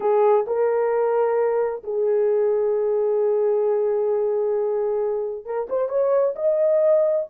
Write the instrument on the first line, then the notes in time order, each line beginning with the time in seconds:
horn
0.00 G#4
0.46 A#4
1.83 G#4
5.45 A#4
5.69 C5
5.88 C#5
6.35 D#5